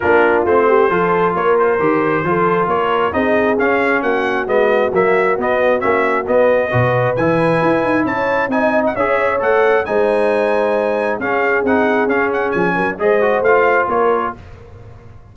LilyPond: <<
  \new Staff \with { instrumentName = "trumpet" } { \time 4/4 \tempo 4 = 134 ais'4 c''2 cis''8 c''8~ | c''2 cis''4 dis''4 | f''4 fis''4 dis''4 e''4 | dis''4 e''4 dis''2 |
gis''2 a''4 gis''8. fis''16 | e''4 fis''4 gis''2~ | gis''4 f''4 fis''4 f''8 fis''8 | gis''4 dis''4 f''4 cis''4 | }
  \new Staff \with { instrumentName = "horn" } { \time 4/4 f'4. g'8 a'4 ais'4~ | ais'4 a'4 ais'4 gis'4~ | gis'4 fis'2.~ | fis'2. b'4~ |
b'2 cis''4 dis''4 | cis''2 c''2~ | c''4 gis'2.~ | gis'8 ais'8 c''2 ais'4 | }
  \new Staff \with { instrumentName = "trombone" } { \time 4/4 d'4 c'4 f'2 | g'4 f'2 dis'4 | cis'2 b4 ais4 | b4 cis'4 b4 fis'4 |
e'2. dis'4 | gis'4 a'4 dis'2~ | dis'4 cis'4 dis'4 cis'4~ | cis'4 gis'8 fis'8 f'2 | }
  \new Staff \with { instrumentName = "tuba" } { \time 4/4 ais4 a4 f4 ais4 | dis4 f4 ais4 c'4 | cis'4 ais4 gis4 fis4 | b4 ais4 b4 b,4 |
e4 e'8 dis'8 cis'4 c'4 | cis'4 a4 gis2~ | gis4 cis'4 c'4 cis'4 | f8 fis8 gis4 a4 ais4 | }
>>